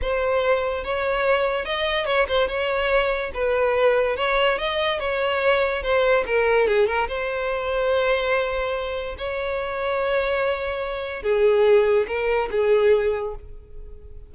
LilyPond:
\new Staff \with { instrumentName = "violin" } { \time 4/4 \tempo 4 = 144 c''2 cis''2 | dis''4 cis''8 c''8 cis''2 | b'2 cis''4 dis''4 | cis''2 c''4 ais'4 |
gis'8 ais'8 c''2.~ | c''2 cis''2~ | cis''2. gis'4~ | gis'4 ais'4 gis'2 | }